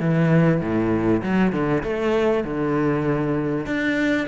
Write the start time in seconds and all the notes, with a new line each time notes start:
0.00 E3
0.61 A2
1.23 F#3
1.52 D3
1.83 A3
2.44 D3
3.66 D4